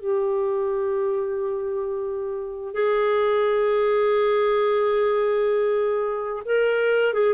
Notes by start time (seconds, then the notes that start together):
0.00 G4
2.74 G#4
6.45 A#4
7.13 G#4